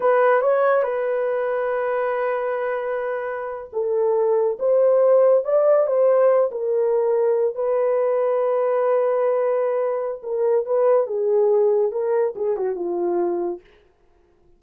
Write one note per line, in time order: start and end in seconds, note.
0.00 0.41 B4
0.41 0.82 C#5
0.82 3.70 B4
3.73 4.58 A4
4.59 5.44 C5
5.44 5.86 D5
5.86 6.50 C5
6.51 7.55 A#4
7.55 10.21 B4
10.22 10.65 A#4
10.65 11.06 B4
11.06 11.91 G#4
11.91 12.34 A#4
12.35 12.56 G#4
12.56 12.75 F#4
12.75 13.60 F4